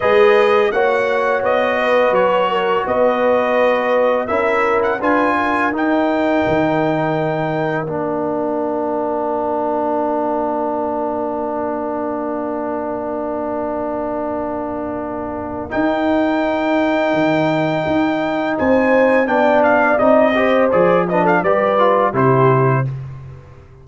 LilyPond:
<<
  \new Staff \with { instrumentName = "trumpet" } { \time 4/4 \tempo 4 = 84 dis''4 fis''4 dis''4 cis''4 | dis''2 e''8. fis''16 gis''4 | g''2. f''4~ | f''1~ |
f''1~ | f''2 g''2~ | g''2 gis''4 g''8 f''8 | dis''4 d''8 dis''16 f''16 d''4 c''4 | }
  \new Staff \with { instrumentName = "horn" } { \time 4/4 b'4 cis''4. b'4 ais'8 | b'2 ais'4 b'8 ais'8~ | ais'1~ | ais'1~ |
ais'1~ | ais'1~ | ais'2 c''4 d''4~ | d''8 c''4 b'16 a'16 b'4 g'4 | }
  \new Staff \with { instrumentName = "trombone" } { \time 4/4 gis'4 fis'2.~ | fis'2 e'4 f'4 | dis'2. d'4~ | d'1~ |
d'1~ | d'2 dis'2~ | dis'2. d'4 | dis'8 g'8 gis'8 d'8 g'8 f'8 e'4 | }
  \new Staff \with { instrumentName = "tuba" } { \time 4/4 gis4 ais4 b4 fis4 | b2 cis'4 d'4 | dis'4 dis2 ais4~ | ais1~ |
ais1~ | ais2 dis'2 | dis4 dis'4 c'4 b4 | c'4 f4 g4 c4 | }
>>